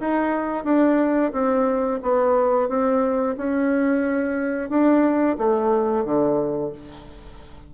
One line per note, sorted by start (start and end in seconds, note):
0.00 0.65 D#4
0.65 1.32 D4
1.33 2.00 C4
2.02 2.69 B3
2.69 3.36 C4
3.37 4.70 C#4
4.70 5.37 D4
5.38 6.05 A3
6.05 6.72 D3